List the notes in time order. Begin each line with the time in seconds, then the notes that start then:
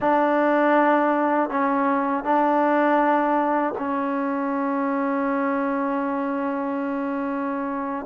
0.00 D4
1.50 C#4
2.23 D4
3.77 C#4